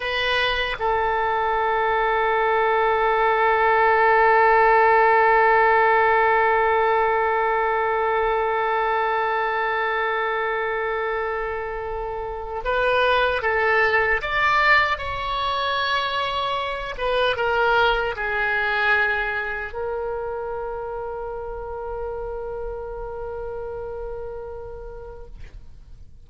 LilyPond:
\new Staff \with { instrumentName = "oboe" } { \time 4/4 \tempo 4 = 76 b'4 a'2.~ | a'1~ | a'1~ | a'1 |
b'4 a'4 d''4 cis''4~ | cis''4. b'8 ais'4 gis'4~ | gis'4 ais'2.~ | ais'1 | }